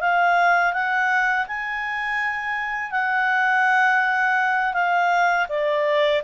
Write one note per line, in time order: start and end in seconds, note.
0.00 0.73 F5
0.73 1.46 F#5
1.47 2.91 G#5
2.91 4.73 F#5
4.73 5.46 F5
5.49 6.22 D5